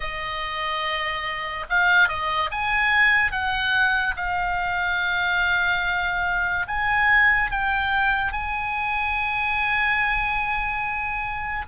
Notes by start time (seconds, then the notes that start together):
0.00 D#5
1.69 F5
2.08 D#5
2.51 G#5
3.31 F#5
4.16 F5
6.67 G#5
7.50 G5
8.32 G#5